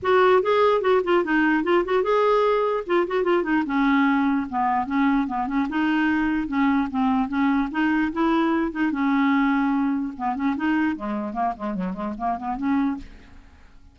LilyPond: \new Staff \with { instrumentName = "clarinet" } { \time 4/4 \tempo 4 = 148 fis'4 gis'4 fis'8 f'8 dis'4 | f'8 fis'8 gis'2 f'8 fis'8 | f'8 dis'8 cis'2 b4 | cis'4 b8 cis'8 dis'2 |
cis'4 c'4 cis'4 dis'4 | e'4. dis'8 cis'2~ | cis'4 b8 cis'8 dis'4 gis4 | ais8 gis8 fis8 gis8 ais8 b8 cis'4 | }